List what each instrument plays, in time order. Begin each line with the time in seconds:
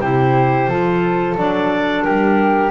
0.00 double bass C3, clarinet E4 C5, flute G4
0.67 double bass F3, clarinet F4, flute A4
1.37 double bass F#3, clarinet D4 D5
2.03 double bass G3, flute G4, clarinet A#4